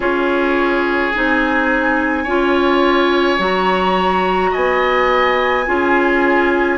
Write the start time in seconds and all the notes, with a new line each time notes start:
0.00 C#4 F4 G#4 C#5
1.14 C4 D#4 G#5
2.23 C#4 F4 C#5
3.37 F#3 F#4 A#5
4.51 B3 D#5 G#5
5.66 C#4 F4 G#4